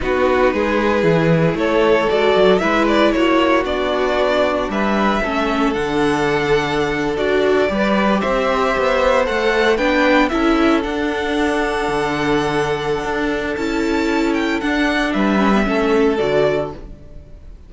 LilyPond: <<
  \new Staff \with { instrumentName = "violin" } { \time 4/4 \tempo 4 = 115 b'2. cis''4 | d''4 e''8 d''8 cis''4 d''4~ | d''4 e''2 fis''4~ | fis''4.~ fis''16 d''2 e''16~ |
e''4.~ e''16 fis''4 g''4 e''16~ | e''8. fis''2.~ fis''16~ | fis''2 a''4. g''8 | fis''4 e''2 d''4 | }
  \new Staff \with { instrumentName = "violin" } { \time 4/4 fis'4 gis'2 a'4~ | a'4 b'4 fis'2~ | fis'4 b'4 a'2~ | a'2~ a'8. b'4 c''16~ |
c''2~ c''8. b'4 a'16~ | a'1~ | a'1~ | a'4 b'4 a'2 | }
  \new Staff \with { instrumentName = "viola" } { \time 4/4 dis'2 e'2 | fis'4 e'2 d'4~ | d'2 cis'4 d'4~ | d'4.~ d'16 fis'4 g'4~ g'16~ |
g'4.~ g'16 a'4 d'4 e'16~ | e'8. d'2.~ d'16~ | d'2 e'2 | d'4. cis'16 b16 cis'4 fis'4 | }
  \new Staff \with { instrumentName = "cello" } { \time 4/4 b4 gis4 e4 a4 | gis8 fis8 gis4 ais4 b4~ | b4 g4 a4 d4~ | d4.~ d16 d'4 g4 c'16~ |
c'8. b4 a4 b4 cis'16~ | cis'8. d'2 d4~ d16~ | d4 d'4 cis'2 | d'4 g4 a4 d4 | }
>>